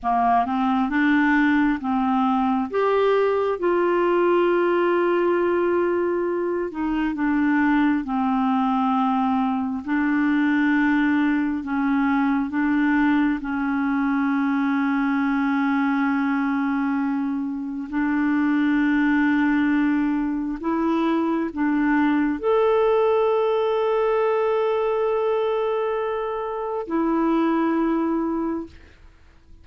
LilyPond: \new Staff \with { instrumentName = "clarinet" } { \time 4/4 \tempo 4 = 67 ais8 c'8 d'4 c'4 g'4 | f'2.~ f'8 dis'8 | d'4 c'2 d'4~ | d'4 cis'4 d'4 cis'4~ |
cis'1 | d'2. e'4 | d'4 a'2.~ | a'2 e'2 | }